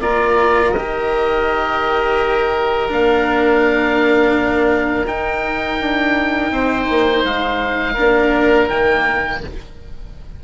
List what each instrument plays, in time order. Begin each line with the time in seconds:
0.00 bassoon A#3, cello F4, oboe A#4 D5
0.71 bassoon D#3, cello G4, oboe D#5
2.88 bassoon A#3, cello D4, oboe F5
5.05 bassoon D#4, cello D#4, oboe G5
5.80 bassoon D4
6.51 bassoon C4, oboe C5
6.89 bassoon A#3
7.23 bassoon G#3, oboe F5
7.94 bassoon A#3, cello D4, oboe A#4
8.68 bassoon D#3, cello A#3, oboe G5